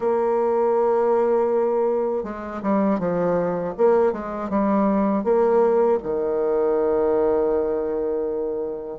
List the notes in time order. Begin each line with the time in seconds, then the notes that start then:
0.00 A#3
2.23 G#3
2.62 G3
2.99 F3
3.77 A#3
4.12 G#3
4.49 G3
5.23 A#3
6.02 D#3